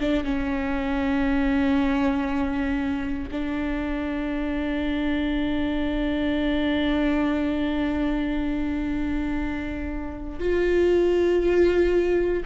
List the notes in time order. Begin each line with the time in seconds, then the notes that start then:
0.00 D4
0.24 C#4
3.32 D4
10.40 F4